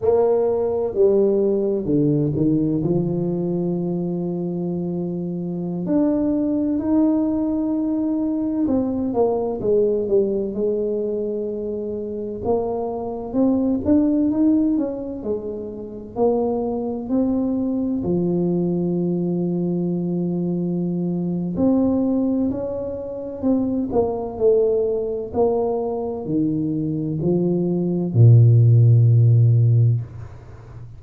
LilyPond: \new Staff \with { instrumentName = "tuba" } { \time 4/4 \tempo 4 = 64 ais4 g4 d8 dis8 f4~ | f2~ f16 d'4 dis'8.~ | dis'4~ dis'16 c'8 ais8 gis8 g8 gis8.~ | gis4~ gis16 ais4 c'8 d'8 dis'8 cis'16~ |
cis'16 gis4 ais4 c'4 f8.~ | f2. c'4 | cis'4 c'8 ais8 a4 ais4 | dis4 f4 ais,2 | }